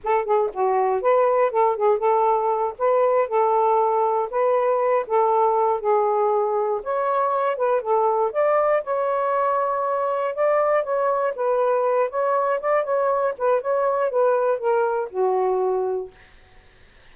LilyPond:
\new Staff \with { instrumentName = "saxophone" } { \time 4/4 \tempo 4 = 119 a'8 gis'8 fis'4 b'4 a'8 gis'8 | a'4. b'4 a'4.~ | a'8 b'4. a'4. gis'8~ | gis'4. cis''4. b'8 a'8~ |
a'8 d''4 cis''2~ cis''8~ | cis''8 d''4 cis''4 b'4. | cis''4 d''8 cis''4 b'8 cis''4 | b'4 ais'4 fis'2 | }